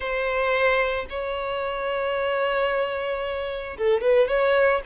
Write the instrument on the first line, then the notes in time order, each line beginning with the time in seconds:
violin
0.00 C5
1.09 C#5
3.77 A4
4.01 B4
4.28 C#5